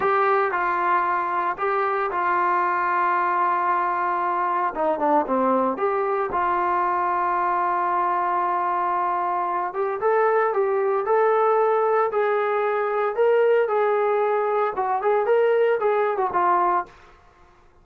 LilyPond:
\new Staff \with { instrumentName = "trombone" } { \time 4/4 \tempo 4 = 114 g'4 f'2 g'4 | f'1~ | f'4 dis'8 d'8 c'4 g'4 | f'1~ |
f'2~ f'8 g'8 a'4 | g'4 a'2 gis'4~ | gis'4 ais'4 gis'2 | fis'8 gis'8 ais'4 gis'8. fis'16 f'4 | }